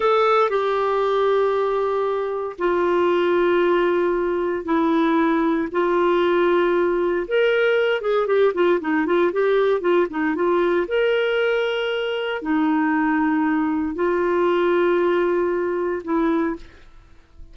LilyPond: \new Staff \with { instrumentName = "clarinet" } { \time 4/4 \tempo 4 = 116 a'4 g'2.~ | g'4 f'2.~ | f'4 e'2 f'4~ | f'2 ais'4. gis'8 |
g'8 f'8 dis'8 f'8 g'4 f'8 dis'8 | f'4 ais'2. | dis'2. f'4~ | f'2. e'4 | }